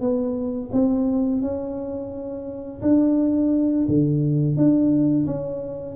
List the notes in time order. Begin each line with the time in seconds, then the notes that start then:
0.00 B3
0.72 C4
1.41 C#4
2.81 D4
3.88 D3
4.56 D4
5.26 C#4